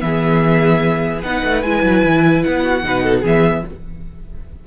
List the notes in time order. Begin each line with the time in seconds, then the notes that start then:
0.00 E3 B3 G#4 E5
1.22 B3 D#4 B4 F#5
1.43 A3
1.62 G#3 E4 G#5
1.82 F#3
2.03 E3
2.43 B3 F#5
2.62 F#4
2.83 B2 D#4 B4
3.03 A4
3.21 E3 B3 G#4 E5